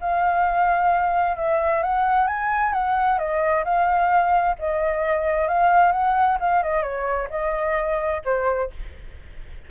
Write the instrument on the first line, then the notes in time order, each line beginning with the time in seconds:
flute
0.00 F5
1.37 E5
1.83 F#5
2.27 G#5
2.73 F#5
3.18 D#5
3.64 F5
4.58 D#5
5.48 F5
5.92 F#5
6.40 F5
6.63 D#5
6.82 C#5
7.30 D#5
8.25 C5